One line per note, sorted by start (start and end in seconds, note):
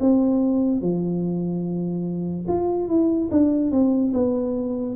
0.00 0.81 C4
0.81 2.46 F3
2.48 2.88 F4
2.88 3.29 E4
3.31 3.71 D4
3.71 4.12 C4
4.14 4.96 B3